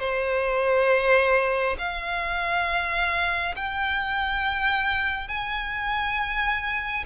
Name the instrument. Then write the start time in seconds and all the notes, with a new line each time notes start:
violin
0.00 C5
1.78 F5
3.57 G5
5.29 G#5